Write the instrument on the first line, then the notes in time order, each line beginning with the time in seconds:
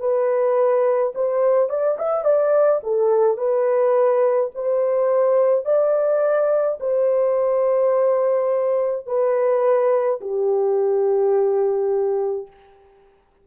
horn
0.00 B4
1.15 C5
1.70 D5
1.99 E5
2.24 D5
2.83 A4
3.38 B4
4.55 C5
5.66 D5
6.80 C5
9.07 B4
10.21 G4